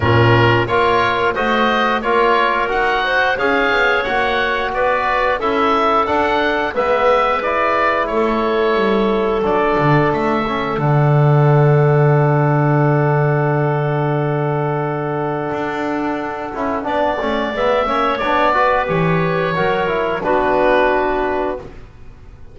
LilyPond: <<
  \new Staff \with { instrumentName = "oboe" } { \time 4/4 \tempo 4 = 89 ais'4 cis''4 dis''4 cis''4 | fis''4 f''4 fis''4 d''4 | e''4 fis''4 e''4 d''4 | cis''2 d''4 e''4 |
fis''1~ | fis''1~ | fis''2 e''4 d''4 | cis''2 b'2 | }
  \new Staff \with { instrumentName = "clarinet" } { \time 4/4 f'4 ais'4 c''4 ais'4~ | ais'8 c''8 cis''2 b'4 | a'2 b'2 | a'1~ |
a'1~ | a'1~ | a'4 d''4. cis''4 b'8~ | b'4 ais'4 fis'2 | }
  \new Staff \with { instrumentName = "trombone" } { \time 4/4 cis'4 f'4 fis'4 f'4 | fis'4 gis'4 fis'2 | e'4 d'4 b4 e'4~ | e'2 d'4. cis'8 |
d'1~ | d'1~ | d'8 e'8 d'8 cis'8 b8 cis'8 d'8 fis'8 | g'4 fis'8 e'8 d'2 | }
  \new Staff \with { instrumentName = "double bass" } { \time 4/4 ais,4 ais4 a4 ais4 | dis'4 cis'8 b8 ais4 b4 | cis'4 d'4 gis2 | a4 g4 fis8 d8 a4 |
d1~ | d2. d'4~ | d'8 cis'8 b8 a8 gis8 ais8 b4 | e4 fis4 b2 | }
>>